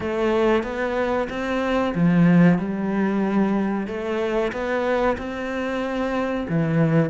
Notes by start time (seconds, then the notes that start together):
0.00 A3
0.63 B3
1.29 C4
1.94 F3
2.58 G3
3.87 A3
4.52 B3
5.17 C4
6.48 E3